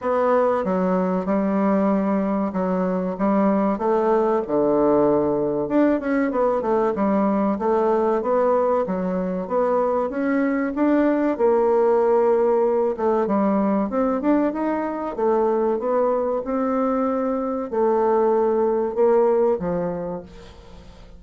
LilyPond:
\new Staff \with { instrumentName = "bassoon" } { \time 4/4 \tempo 4 = 95 b4 fis4 g2 | fis4 g4 a4 d4~ | d4 d'8 cis'8 b8 a8 g4 | a4 b4 fis4 b4 |
cis'4 d'4 ais2~ | ais8 a8 g4 c'8 d'8 dis'4 | a4 b4 c'2 | a2 ais4 f4 | }